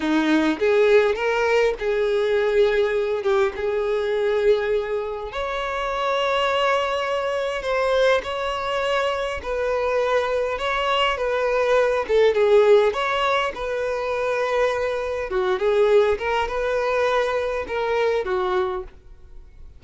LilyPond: \new Staff \with { instrumentName = "violin" } { \time 4/4 \tempo 4 = 102 dis'4 gis'4 ais'4 gis'4~ | gis'4. g'8 gis'2~ | gis'4 cis''2.~ | cis''4 c''4 cis''2 |
b'2 cis''4 b'4~ | b'8 a'8 gis'4 cis''4 b'4~ | b'2 fis'8 gis'4 ais'8 | b'2 ais'4 fis'4 | }